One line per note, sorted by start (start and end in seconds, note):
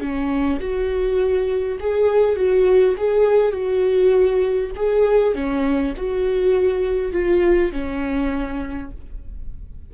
0.00 0.59 C#4
0.60 1.78 F#4
1.80 2.36 G#4
2.36 2.95 F#4
2.97 3.52 G#4
3.52 4.70 F#4
4.76 5.34 G#4
5.34 5.94 C#4
5.96 7.12 F#4
7.12 7.72 F4
7.72 8.91 C#4